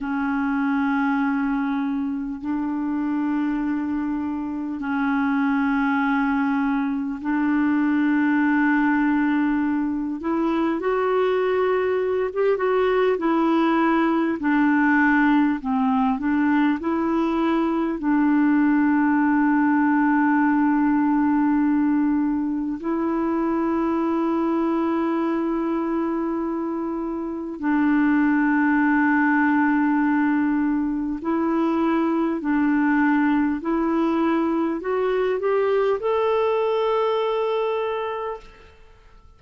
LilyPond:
\new Staff \with { instrumentName = "clarinet" } { \time 4/4 \tempo 4 = 50 cis'2 d'2 | cis'2 d'2~ | d'8 e'8 fis'4~ fis'16 g'16 fis'8 e'4 | d'4 c'8 d'8 e'4 d'4~ |
d'2. e'4~ | e'2. d'4~ | d'2 e'4 d'4 | e'4 fis'8 g'8 a'2 | }